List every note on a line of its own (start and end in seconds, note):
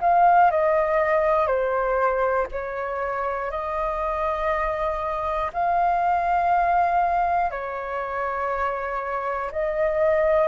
0.00 0.50 F5
0.50 1.46 D#5
1.46 2.46 C5
2.51 3.50 C#5
3.50 5.50 D#5
5.53 7.50 F5
7.50 9.50 C#5
9.51 10.47 D#5